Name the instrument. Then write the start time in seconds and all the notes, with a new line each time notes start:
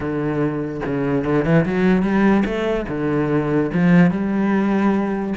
cello
0.00 D3
0.85 C#3
1.24 D3
1.44 E3
1.65 F#3
2.02 G3
2.45 A3
2.88 D3
3.73 F3
4.10 G3